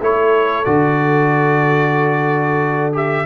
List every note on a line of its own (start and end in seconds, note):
0.00 0.65 A3
0.00 0.65 E4
0.00 3.26 A4
0.00 0.65 C#5
0.65 3.26 D3
0.65 2.93 F#4
0.65 2.93 D5
2.93 3.25 G4
2.93 3.26 E5